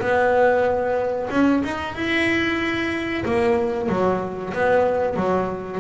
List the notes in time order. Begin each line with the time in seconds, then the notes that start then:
0.00 B3
1.30 C#4
1.64 D#4
1.95 E4
3.25 A#3
3.89 F#3
4.54 B3
5.16 F#3